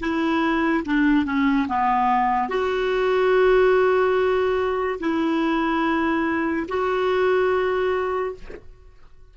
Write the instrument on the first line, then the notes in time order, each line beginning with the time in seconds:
clarinet
0.00 E4
0.85 D4
1.25 C#4
1.68 B3
2.49 F#4
5.00 E4
6.68 F#4